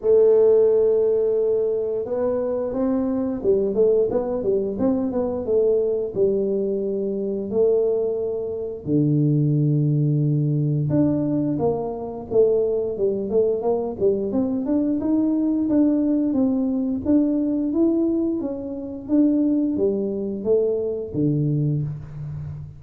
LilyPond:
\new Staff \with { instrumentName = "tuba" } { \time 4/4 \tempo 4 = 88 a2. b4 | c'4 g8 a8 b8 g8 c'8 b8 | a4 g2 a4~ | a4 d2. |
d'4 ais4 a4 g8 a8 | ais8 g8 c'8 d'8 dis'4 d'4 | c'4 d'4 e'4 cis'4 | d'4 g4 a4 d4 | }